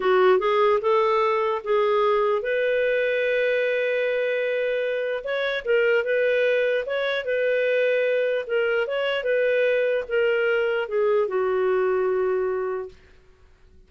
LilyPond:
\new Staff \with { instrumentName = "clarinet" } { \time 4/4 \tempo 4 = 149 fis'4 gis'4 a'2 | gis'2 b'2~ | b'1~ | b'4 cis''4 ais'4 b'4~ |
b'4 cis''4 b'2~ | b'4 ais'4 cis''4 b'4~ | b'4 ais'2 gis'4 | fis'1 | }